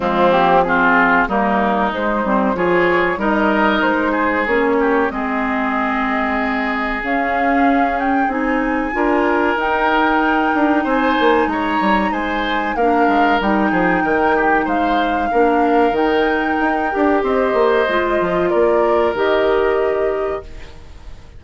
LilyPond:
<<
  \new Staff \with { instrumentName = "flute" } { \time 4/4 \tempo 4 = 94 f'8 g'8 gis'4 ais'4 c''4 | cis''4 dis''4 c''4 cis''4 | dis''2. f''4~ | f''8 g''8 gis''2 g''4~ |
g''4 gis''4 ais''4 gis''4 | f''4 g''2 f''4~ | f''4 g''2 dis''4~ | dis''4 d''4 dis''2 | }
  \new Staff \with { instrumentName = "oboe" } { \time 4/4 c'4 f'4 dis'2 | gis'4 ais'4. gis'4 g'8 | gis'1~ | gis'2 ais'2~ |
ais'4 c''4 cis''4 c''4 | ais'4. gis'8 ais'8 g'8 c''4 | ais'2. c''4~ | c''4 ais'2. | }
  \new Staff \with { instrumentName = "clarinet" } { \time 4/4 gis8 ais8 c'4 ais4 gis8 c'8 | f'4 dis'2 cis'4 | c'2. cis'4~ | cis'4 dis'4 f'4 dis'4~ |
dis'1 | d'4 dis'2. | d'4 dis'4. g'4. | f'2 g'2 | }
  \new Staff \with { instrumentName = "bassoon" } { \time 4/4 f2 g4 gis8 g8 | f4 g4 gis4 ais4 | gis2. cis'4~ | cis'4 c'4 d'4 dis'4~ |
dis'8 d'8 c'8 ais8 gis8 g8 gis4 | ais8 gis8 g8 f8 dis4 gis4 | ais4 dis4 dis'8 d'8 c'8 ais8 | gis8 f8 ais4 dis2 | }
>>